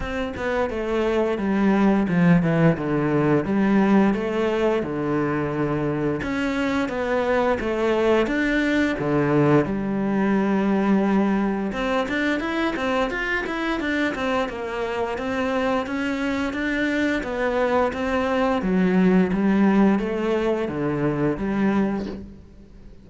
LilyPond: \new Staff \with { instrumentName = "cello" } { \time 4/4 \tempo 4 = 87 c'8 b8 a4 g4 f8 e8 | d4 g4 a4 d4~ | d4 cis'4 b4 a4 | d'4 d4 g2~ |
g4 c'8 d'8 e'8 c'8 f'8 e'8 | d'8 c'8 ais4 c'4 cis'4 | d'4 b4 c'4 fis4 | g4 a4 d4 g4 | }